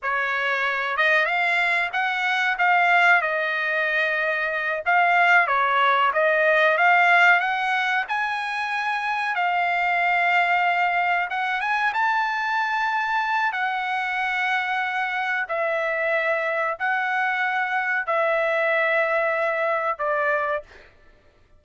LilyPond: \new Staff \with { instrumentName = "trumpet" } { \time 4/4 \tempo 4 = 93 cis''4. dis''8 f''4 fis''4 | f''4 dis''2~ dis''8 f''8~ | f''8 cis''4 dis''4 f''4 fis''8~ | fis''8 gis''2 f''4.~ |
f''4. fis''8 gis''8 a''4.~ | a''4 fis''2. | e''2 fis''2 | e''2. d''4 | }